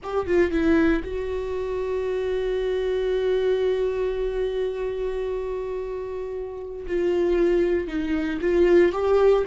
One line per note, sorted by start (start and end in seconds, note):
0.03 0.26 G4
0.26 0.51 F4
0.51 1.03 E4
1.04 6.86 F#4
6.87 7.87 F4
7.87 8.39 D#4
8.41 8.92 F4
8.92 9.44 G4